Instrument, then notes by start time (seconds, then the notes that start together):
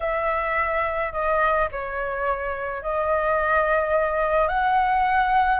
flute
0.00 E5
1.12 D#5
1.71 C#5
2.82 D#5
4.48 F#5